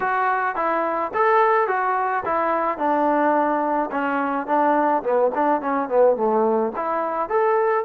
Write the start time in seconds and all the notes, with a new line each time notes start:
0.00 F#4
0.55 E4
1.14 A4
1.67 F#4
2.25 E4
2.78 D4
3.91 C#4
4.46 D4
5.03 B3
5.34 D4
5.61 C#4
5.88 B3
6.16 A3
6.75 E4
7.29 A4